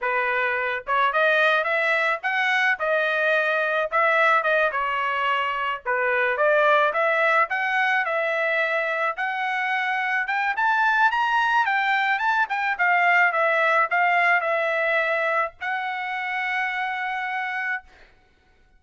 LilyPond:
\new Staff \with { instrumentName = "trumpet" } { \time 4/4 \tempo 4 = 108 b'4. cis''8 dis''4 e''4 | fis''4 dis''2 e''4 | dis''8 cis''2 b'4 d''8~ | d''8 e''4 fis''4 e''4.~ |
e''8 fis''2 g''8 a''4 | ais''4 g''4 a''8 g''8 f''4 | e''4 f''4 e''2 | fis''1 | }